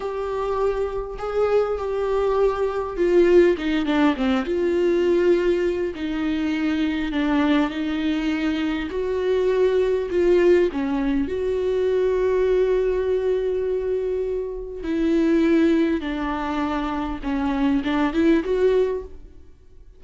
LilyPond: \new Staff \with { instrumentName = "viola" } { \time 4/4 \tempo 4 = 101 g'2 gis'4 g'4~ | g'4 f'4 dis'8 d'8 c'8 f'8~ | f'2 dis'2 | d'4 dis'2 fis'4~ |
fis'4 f'4 cis'4 fis'4~ | fis'1~ | fis'4 e'2 d'4~ | d'4 cis'4 d'8 e'8 fis'4 | }